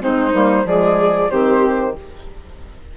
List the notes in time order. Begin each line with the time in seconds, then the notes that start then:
0.00 G#3 C4 D#4 C5
0.32 G3 A#3
0.64 F3 G#3 G#4 D5
1.30 D#3 C4 G4 C5